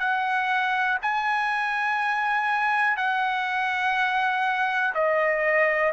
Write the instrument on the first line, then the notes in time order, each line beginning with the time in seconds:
trumpet
0.00 F#5
1.03 G#5
2.97 F#5
4.95 D#5